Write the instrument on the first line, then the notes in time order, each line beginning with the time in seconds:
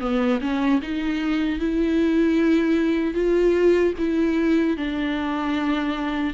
viola
0.00 B3
0.41 C#4
0.82 D#4
1.59 E4
3.14 F4
3.98 E4
4.77 D4